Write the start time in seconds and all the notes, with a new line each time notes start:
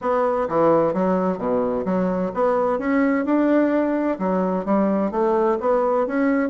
0.01 B3
0.48 E3
0.93 F#3
1.38 B2
1.85 F#3
2.34 B3
2.78 C#4
3.25 D4
4.19 F#3
4.65 G3
5.11 A3
5.60 B3
6.06 C#4